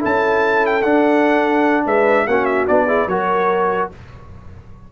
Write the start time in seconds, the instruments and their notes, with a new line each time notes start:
0.00 tuba C#4, trombone E4, horn A4, trumpet A5
0.66 trumpet G5
0.82 tuba D4, trombone D4, trumpet F#5
1.85 tuba G#3, horn B4, trumpet E5
2.27 tuba A#3, trombone C#4, horn F#4, trumpet F#5
2.45 trumpet E5
2.68 tuba B3, trombone D4, trumpet D5
2.86 trombone E4, horn G#4
3.07 tuba F#3, trombone F#4, horn A#4, trumpet C#5